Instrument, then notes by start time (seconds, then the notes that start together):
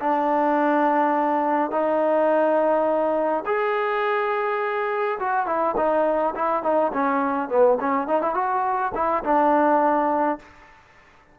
trombone
0.00 D4
1.71 D#4
3.45 G#4
5.19 F#4
5.46 E4
5.76 D#4
6.35 E4
6.63 D#4
6.93 C#4
7.49 B3
7.80 C#4
8.07 D#4
8.22 E4
8.34 F#4
8.94 E4
9.24 D4